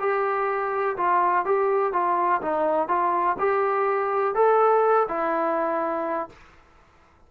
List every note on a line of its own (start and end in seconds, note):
0.00 0.97 G4
0.97 1.45 F4
1.46 1.93 G4
1.93 2.42 F4
2.42 2.88 D#4
2.88 3.37 F4
3.39 4.35 G4
4.35 5.07 A4
5.09 6.29 E4